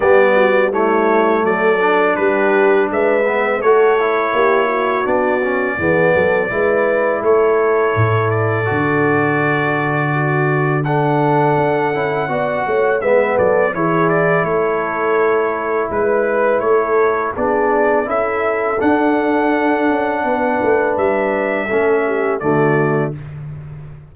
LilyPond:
<<
  \new Staff \with { instrumentName = "trumpet" } { \time 4/4 \tempo 4 = 83 d''4 cis''4 d''4 b'4 | e''4 cis''2 d''4~ | d''2 cis''4. d''8~ | d''2. fis''4~ |
fis''2 e''8 d''8 cis''8 d''8 | cis''2 b'4 cis''4 | d''4 e''4 fis''2~ | fis''4 e''2 d''4 | }
  \new Staff \with { instrumentName = "horn" } { \time 4/4 g'8 fis'8 e'4 a'4 g'4 | b'4 a'4 g'8 fis'4. | gis'8 a'8 b'4 a'2~ | a'2 fis'4 a'4~ |
a'4 d''8 cis''8 b'8 a'8 gis'4 | a'2 b'4 a'4 | gis'4 a'2. | b'2 a'8 g'8 fis'4 | }
  \new Staff \with { instrumentName = "trombone" } { \time 4/4 b4 a4. d'4.~ | d'8 b8 fis'8 e'4. d'8 cis'8 | b4 e'2. | fis'2. d'4~ |
d'8 e'8 fis'4 b4 e'4~ | e'1 | d'4 e'4 d'2~ | d'2 cis'4 a4 | }
  \new Staff \with { instrumentName = "tuba" } { \time 4/4 g2 fis4 g4 | gis4 a4 ais4 b4 | e8 fis8 gis4 a4 a,4 | d1 |
d'8 cis'8 b8 a8 gis8 fis8 e4 | a2 gis4 a4 | b4 cis'4 d'4. cis'8 | b8 a8 g4 a4 d4 | }
>>